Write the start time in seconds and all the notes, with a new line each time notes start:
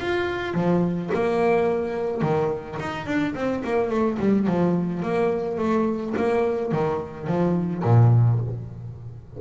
0.00 F4
0.54 F3
1.14 A#3
2.22 D#3
2.80 D#4
3.06 D4
3.35 C4
3.64 A#3
3.90 A3
4.19 G3
4.47 F3
5.03 A#3
5.58 A3
6.17 A#3
6.72 D#3
7.27 F3
7.83 A#2